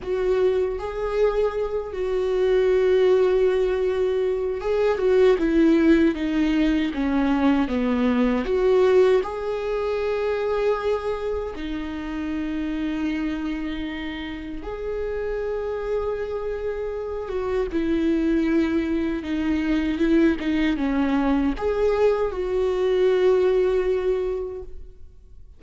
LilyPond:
\new Staff \with { instrumentName = "viola" } { \time 4/4 \tempo 4 = 78 fis'4 gis'4. fis'4.~ | fis'2 gis'8 fis'8 e'4 | dis'4 cis'4 b4 fis'4 | gis'2. dis'4~ |
dis'2. gis'4~ | gis'2~ gis'8 fis'8 e'4~ | e'4 dis'4 e'8 dis'8 cis'4 | gis'4 fis'2. | }